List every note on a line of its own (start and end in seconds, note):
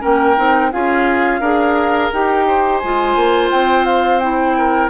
0.00 0.38 A#3
0.00 0.35 C#4
0.00 0.71 A#4
0.00 0.72 G5
0.36 0.73 C4
0.36 0.71 D#4
0.72 1.40 C#4
0.72 1.41 F4
0.72 1.40 G#4
0.72 2.12 F5
1.40 2.10 D4
1.40 2.12 G#4
1.40 2.45 A#4
2.12 2.83 D#4
2.12 2.83 G4
2.12 2.78 G5
2.47 4.57 C5
2.78 3.16 G#3
2.78 4.21 F4
2.78 3.48 G#5
3.16 3.50 A#3
3.51 4.89 C4
3.51 3.85 G5
3.85 4.19 F5
4.19 4.89 E4
4.19 4.89 G5
4.58 4.89 A#4